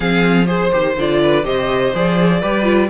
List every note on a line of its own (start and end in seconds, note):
0.00 0.71 F3
0.00 0.46 C4
0.00 0.47 G#4
0.00 0.46 F5
0.46 0.70 G#4
0.46 0.94 C5
0.46 1.20 C5
0.72 0.96 D#3
0.72 0.96 G4
0.96 1.44 D3
0.96 1.43 F4
0.96 1.45 D5
1.21 1.45 B4
1.43 1.93 C3
1.43 1.92 G4
1.43 2.40 C5
1.43 1.93 D#5
1.94 2.43 F3
1.94 2.42 G#4
1.94 2.90 D5
2.40 2.90 G3
2.40 2.63 G4
2.40 2.88 B4
2.63 2.87 F4